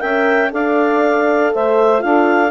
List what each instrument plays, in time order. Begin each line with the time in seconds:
0.00 bassoon C#4, horn A#4, saxophone E5, clarinet G5
0.51 bassoon D4, horn A4, saxophone D5, clarinet F5
1.54 bassoon A3, saxophone C5, clarinet E5
1.99 bassoon D4, horn F4, saxophone A4, clarinet F5